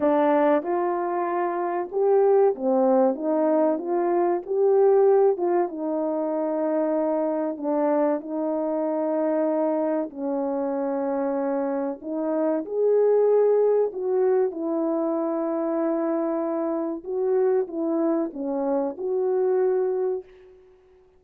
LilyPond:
\new Staff \with { instrumentName = "horn" } { \time 4/4 \tempo 4 = 95 d'4 f'2 g'4 | c'4 dis'4 f'4 g'4~ | g'8 f'8 dis'2. | d'4 dis'2. |
cis'2. dis'4 | gis'2 fis'4 e'4~ | e'2. fis'4 | e'4 cis'4 fis'2 | }